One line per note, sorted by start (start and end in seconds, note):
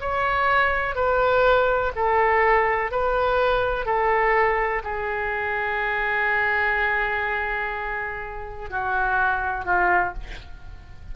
0.00 0.95 C#5
0.95 1.92 B4
1.95 2.91 A4
2.91 3.85 B4
3.85 4.82 A4
4.83 8.70 G#4
8.70 9.65 F#4
9.65 10.13 F4